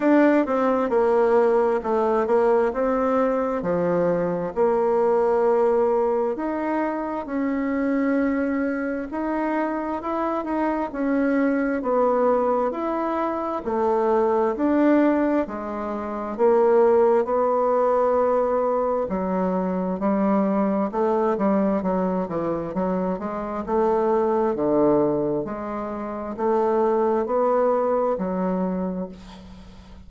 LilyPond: \new Staff \with { instrumentName = "bassoon" } { \time 4/4 \tempo 4 = 66 d'8 c'8 ais4 a8 ais8 c'4 | f4 ais2 dis'4 | cis'2 dis'4 e'8 dis'8 | cis'4 b4 e'4 a4 |
d'4 gis4 ais4 b4~ | b4 fis4 g4 a8 g8 | fis8 e8 fis8 gis8 a4 d4 | gis4 a4 b4 fis4 | }